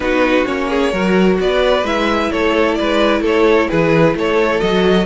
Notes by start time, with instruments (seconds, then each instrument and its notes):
0.00 cello B3, viola D#4, violin F#4 B4
0.45 cello A#3, viola C#4, violin C#5
0.69 violin G#4
0.91 cello F#3, viola F#4, violin A#4
1.39 cello B3, violin B4 D5
1.82 cello G#3, viola E4, violin E5
2.31 cello A3, violin A4 C#5
2.74 cello G#3, violin B4 D5
3.20 cello A3, violin A4 C#5
3.69 cello E3, violin G#4 B4
4.14 cello A3, violin A4 C#5
4.60 cello F#3, viola F#4, violin D#5